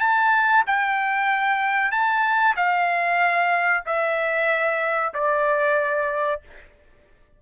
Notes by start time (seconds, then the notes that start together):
0.00 A5
0.67 G5
1.91 A5
2.56 F5
3.86 E5
5.14 D5